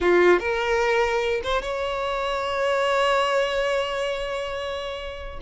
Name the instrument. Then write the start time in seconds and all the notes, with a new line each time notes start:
violin
0.00 F4
0.39 A#4
1.43 C5
1.61 C#5